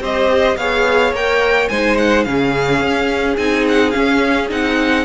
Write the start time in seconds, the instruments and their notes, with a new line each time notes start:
0.00 cello C4, viola G4, violin C5 D#5
0.57 cello B3, viola G#4, violin C#5 F5
1.12 cello A#3, viola A#4, violin G5
1.69 cello G#3, viola D#4, violin C5 G#5
1.97 violin F#5
2.24 cello C#3, viola C#4, violin G#4 F5
2.81 cello C#4
3.37 cello C4, viola D#4, violin G#5
3.69 violin F#5
3.91 viola C#4, cello C#4, violin F5
4.49 cello C4, viola D#4, violin F#5